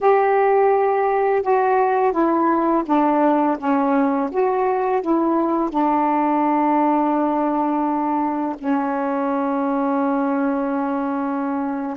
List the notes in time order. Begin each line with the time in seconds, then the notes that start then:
0.00 G4
1.42 F#4
2.12 E4
2.86 D4
3.58 C#4
4.31 F#4
5.01 E4
5.70 D4
8.58 C#4